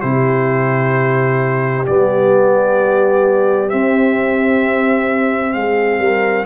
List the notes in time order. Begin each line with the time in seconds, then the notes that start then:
0.00 C3 E4 G4 C5
1.86 G3 B3 D5
3.69 C4 E5
5.53 G#3 G#4 F5
5.98 G3 A#4